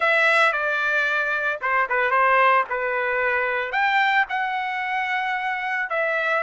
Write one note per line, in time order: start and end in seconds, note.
0.00 0.52 E5
0.52 1.59 D5
1.61 1.88 C5
1.89 2.10 B4
2.10 2.64 C5
2.69 3.71 B4
3.71 4.25 G5
4.29 5.89 F#5
5.89 6.43 E5